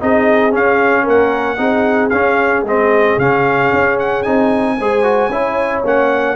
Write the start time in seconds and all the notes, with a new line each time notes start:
0.00 C4 D#4 G#4 D#5
0.51 C#4 F5
1.03 A#3 A#4 F#5
1.57 C4 D#4 G#4
2.10 C#4 F5
2.63 G#3 C4 D#5
3.18 C#3 C#4 F5
3.73 C#4
3.99 F#5
4.23 C4 D#4 G#5
4.79 G#3 G#4 C5
5.04 F#4
5.29 C#4 E4 C#5
5.84 A#3 C#4 F#5